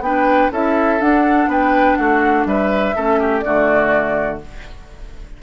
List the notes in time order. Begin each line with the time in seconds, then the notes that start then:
0.00 B3 D4 B4 G5
0.51 C#4 E4 A4 E5
0.99 D4 F#5
1.47 B3 B4 G5
1.96 A3 F#4 F#5
2.45 G3 B4 E5
2.95 A3 C#4 A4
3.19 G4
3.40 D3 A3 F#4 D5